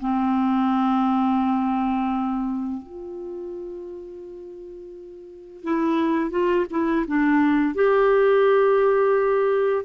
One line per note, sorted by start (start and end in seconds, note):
0.00 2.82 C4
2.82 5.63 F4
5.63 6.30 E4
6.30 6.65 F4
6.70 7.06 E4
7.07 7.75 D4
7.75 9.85 G4